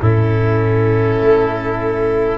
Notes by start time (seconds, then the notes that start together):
0.00 A2 C#4 E4 A4
1.21 A3